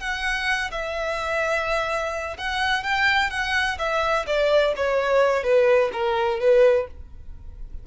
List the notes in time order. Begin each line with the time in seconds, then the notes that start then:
0.00 F#5
0.72 E5
2.38 F#5
2.84 G5
3.31 F#5
3.79 E5
4.27 D5
4.77 C#5
5.44 B4
5.93 A#4
6.40 B4